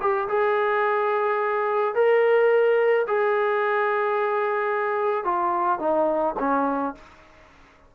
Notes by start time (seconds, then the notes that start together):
0.00 G4
0.28 G#4
1.95 A#4
3.07 G#4
5.24 F4
5.79 D#4
6.39 C#4